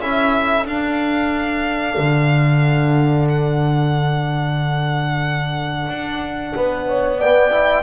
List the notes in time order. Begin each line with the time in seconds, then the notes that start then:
0.00 C#4 E4 A4 E5
0.65 D4 F5
1.98 D3
3.28 F#5
5.88 D4
6.55 B3 B4
6.87 C#5
7.18 B3 D5 G5
7.50 E4